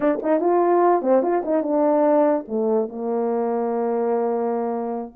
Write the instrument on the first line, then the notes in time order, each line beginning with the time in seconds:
horn
0.00 D4
0.22 D#4
0.40 F4
1.02 C4
1.22 F4
1.44 D#4
1.62 D4
2.48 A3
2.88 A#3